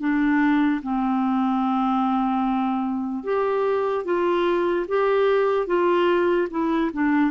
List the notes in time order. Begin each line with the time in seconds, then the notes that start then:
0.00 D4
0.82 C4
3.23 G4
4.05 F4
4.88 G4
5.66 F4
6.50 E4
6.93 D4